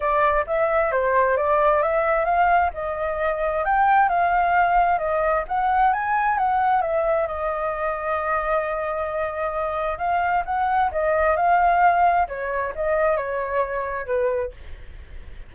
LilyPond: \new Staff \with { instrumentName = "flute" } { \time 4/4 \tempo 4 = 132 d''4 e''4 c''4 d''4 | e''4 f''4 dis''2 | g''4 f''2 dis''4 | fis''4 gis''4 fis''4 e''4 |
dis''1~ | dis''2 f''4 fis''4 | dis''4 f''2 cis''4 | dis''4 cis''2 b'4 | }